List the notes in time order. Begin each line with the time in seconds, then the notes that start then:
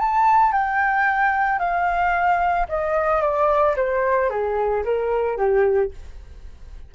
0.00 A5
0.53 G5
1.59 F5
2.69 D#5
3.22 D5
3.77 C5
4.30 G#4
4.85 A#4
5.37 G4